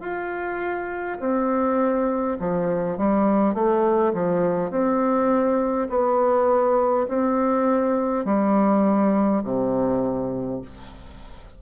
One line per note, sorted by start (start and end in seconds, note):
0.00 1.18 F4
1.19 2.37 C4
2.39 2.97 F3
2.97 3.54 G3
3.54 4.13 A3
4.13 4.71 F3
4.71 5.88 C4
5.89 7.07 B3
7.08 8.25 C4
8.25 9.42 G3
9.44 10.61 C3